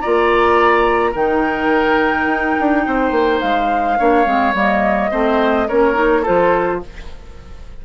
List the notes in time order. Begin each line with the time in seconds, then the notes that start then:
0.00 A#3 F4 D5 A#5
1.11 D#3 D#4 A#4 G5
2.27 D#4
2.60 D4
2.86 C4 C5
3.11 A#3
3.41 G#3 F5
3.99 A#3 D4 C#5
4.25 G#3 C4
4.54 G3 A#3 D#5
5.11 A3 C4 C5
5.68 A#3 C#4 A#4 C#5
5.94 D#4
6.22 F4 A4 C5
6.29 F3